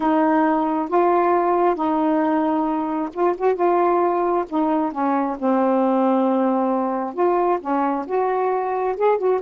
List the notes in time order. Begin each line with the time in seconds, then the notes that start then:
0.00 D#4
0.88 F4
1.75 D#4
3.13 F4
3.37 F#4
3.55 F4
4.49 D#4
4.92 C#4
5.38 C4
7.14 F4
7.60 C#4
8.06 F#4
8.96 G#4
9.18 F#4